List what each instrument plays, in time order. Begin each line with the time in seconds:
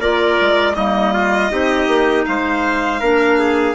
0.00 bassoon A#3, clarinet F4, trumpet A#4, violin D5
0.41 bassoon G#3
0.75 bassoon G3, clarinet A#3, trumpet D#4, violin D#5
1.14 trumpet F4
1.50 bassoon C4, clarinet D#4, trumpet G4
1.88 bassoon A#3
2.26 bassoon G#3, trumpet C5, violin F5
3.00 bassoon A#3, clarinet D4, trumpet A#4
3.39 trumpet G#4